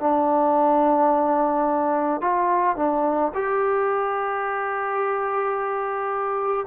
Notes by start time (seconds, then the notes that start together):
0.00 D4
2.21 F4
2.77 D4
3.35 G4